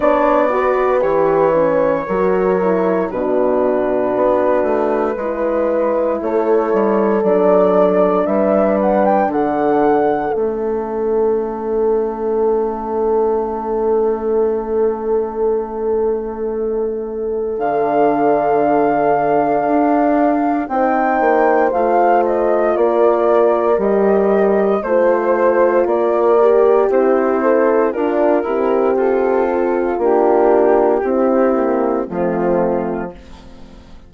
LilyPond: <<
  \new Staff \with { instrumentName = "flute" } { \time 4/4 \tempo 4 = 58 d''4 cis''2 b'4~ | b'2 cis''4 d''4 | e''8 fis''16 g''16 fis''4 e''2~ | e''1~ |
e''4 f''2. | g''4 f''8 dis''8 d''4 dis''4 | c''4 d''4 c''4 ais'4 | a'4 g'2 f'4 | }
  \new Staff \with { instrumentName = "horn" } { \time 4/4 cis''8 b'4. ais'4 fis'4~ | fis'4 b'4 a'2 | b'4 a'2.~ | a'1~ |
a'1 | c''2 ais'2 | c''4 ais'4 e'4 f'8 g'8~ | g'8 f'4. e'4 c'4 | }
  \new Staff \with { instrumentName = "horn" } { \time 4/4 d'8 fis'8 g'8 cis'8 fis'8 e'8 d'4~ | d'4 e'2 d'4~ | d'2 cis'2~ | cis'1~ |
cis'4 d'2. | dis'4 f'2 g'4 | f'4. g'4 a'8 d'8 c'8~ | c'4 d'4 c'8 ais8 a4 | }
  \new Staff \with { instrumentName = "bassoon" } { \time 4/4 b4 e4 fis4 b,4 | b8 a8 gis4 a8 g8 fis4 | g4 d4 a2~ | a1~ |
a4 d2 d'4 | c'8 ais8 a4 ais4 g4 | a4 ais4 c'4 d'8 e'8 | f'4 ais4 c'4 f4 | }
>>